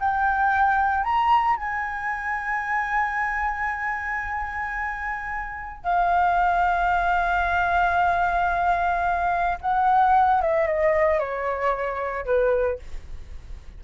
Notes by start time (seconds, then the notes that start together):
0.00 G5
1.04 A#5
1.57 G#5
5.83 F5
9.61 F#5
10.41 E5
10.67 D#5
11.20 C#5
12.26 B4